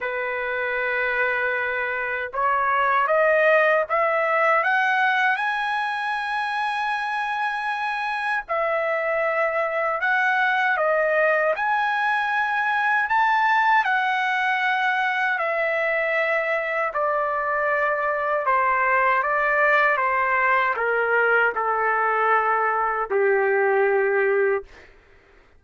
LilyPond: \new Staff \with { instrumentName = "trumpet" } { \time 4/4 \tempo 4 = 78 b'2. cis''4 | dis''4 e''4 fis''4 gis''4~ | gis''2. e''4~ | e''4 fis''4 dis''4 gis''4~ |
gis''4 a''4 fis''2 | e''2 d''2 | c''4 d''4 c''4 ais'4 | a'2 g'2 | }